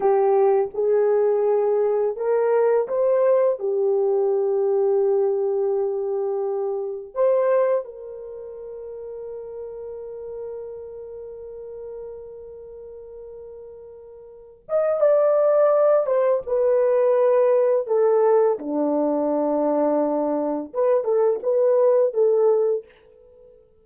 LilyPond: \new Staff \with { instrumentName = "horn" } { \time 4/4 \tempo 4 = 84 g'4 gis'2 ais'4 | c''4 g'2.~ | g'2 c''4 ais'4~ | ais'1~ |
ais'1~ | ais'8 dis''8 d''4. c''8 b'4~ | b'4 a'4 d'2~ | d'4 b'8 a'8 b'4 a'4 | }